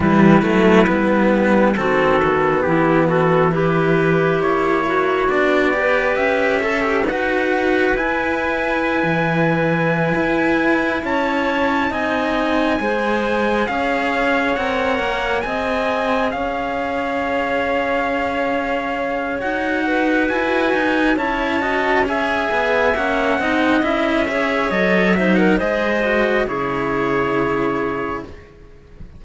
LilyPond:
<<
  \new Staff \with { instrumentName = "trumpet" } { \time 4/4 \tempo 4 = 68 b'2 a'4 g'8 a'8 | b'4 cis''4 d''4 e''4 | fis''4 gis''2.~ | gis''8 a''4 gis''2 f''8~ |
f''8 fis''4 gis''4 f''4.~ | f''2 fis''4 gis''4 | a''4 gis''4 fis''4 e''4 | dis''8 e''16 fis''16 dis''4 cis''2 | }
  \new Staff \with { instrumentName = "clarinet" } { \time 4/4 e'2 fis'4 e'8 fis'8 | g'4. fis'4 b'4 a'8 | b'1~ | b'8 cis''4 dis''4 c''4 cis''8~ |
cis''4. dis''4 cis''4.~ | cis''2~ cis''8 b'4. | cis''8 dis''8 e''4. dis''4 cis''8~ | cis''8 c''16 ais'16 c''4 gis'2 | }
  \new Staff \with { instrumentName = "cello" } { \time 4/4 g8 a8 b4 c'8 b4. | e'2 d'8 g'4 a'16 g'16 | fis'4 e'2.~ | e'4. dis'4 gis'4.~ |
gis'8 ais'4 gis'2~ gis'8~ | gis'2 fis'2 | e'8 fis'8 gis'4 cis'8 dis'8 e'8 gis'8 | a'8 dis'8 gis'8 fis'8 e'2 | }
  \new Staff \with { instrumentName = "cello" } { \time 4/4 e8 fis8 g4 dis4 e4~ | e4 ais4 b4 cis'4 | dis'4 e'4~ e'16 e4~ e16 e'8~ | e'8 cis'4 c'4 gis4 cis'8~ |
cis'8 c'8 ais8 c'4 cis'4.~ | cis'2 dis'4 e'8 dis'8 | cis'4. b8 ais8 c'8 cis'4 | fis4 gis4 cis2 | }
>>